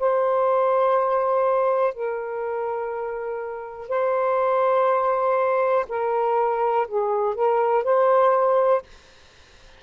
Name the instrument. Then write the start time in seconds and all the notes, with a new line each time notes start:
saxophone
0.00 C5
1.94 A#4
3.89 C5
5.89 A#4
6.88 G#4
7.35 A#4
7.84 C5